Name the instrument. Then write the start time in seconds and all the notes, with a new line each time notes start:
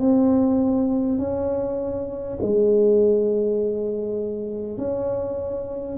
tuba
0.00 C4
1.18 C#4
2.42 G#3
4.78 C#4